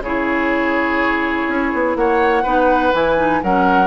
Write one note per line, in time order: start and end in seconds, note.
0.00 1.45 C#3
0.00 2.45 E4
0.00 1.98 G#4
0.00 1.96 C#5
1.48 1.72 C#4
1.73 1.96 B3
1.96 2.44 A#3
1.96 2.43 C#5
1.96 2.93 F#5
2.43 2.93 B3
2.43 2.93 D#4
2.43 3.40 B4
2.93 3.42 E3
2.93 3.17 E4
2.93 3.42 G#5
3.17 3.41 D#4
3.43 3.87 F#3
3.43 3.87 C#4
3.43 3.87 A#4
3.43 3.87 F#5